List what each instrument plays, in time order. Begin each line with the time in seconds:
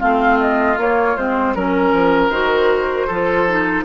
0.00 bassoon A3, clarinet C4, oboe F4, flute F5
0.40 flute D#5
0.77 bassoon A#3, clarinet A#3, flute C#5
1.17 bassoon G#3, clarinet C4, flute C5
1.55 bassoon F#3, clarinet C#4, oboe A#4, flute A#4
1.93 bassoon F3
2.29 bassoon D#3, clarinet F#4, flute C5
3.07 bassoon F3, clarinet F4, oboe A4
3.48 clarinet D#4